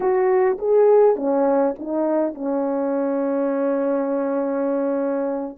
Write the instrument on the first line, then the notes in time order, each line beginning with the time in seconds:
horn
0.00 F#4
0.58 G#4
1.16 C#4
1.78 D#4
2.34 C#4